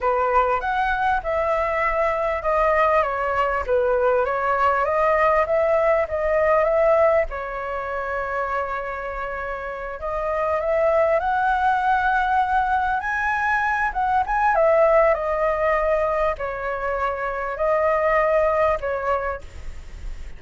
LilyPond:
\new Staff \with { instrumentName = "flute" } { \time 4/4 \tempo 4 = 99 b'4 fis''4 e''2 | dis''4 cis''4 b'4 cis''4 | dis''4 e''4 dis''4 e''4 | cis''1~ |
cis''8 dis''4 e''4 fis''4.~ | fis''4. gis''4. fis''8 gis''8 | e''4 dis''2 cis''4~ | cis''4 dis''2 cis''4 | }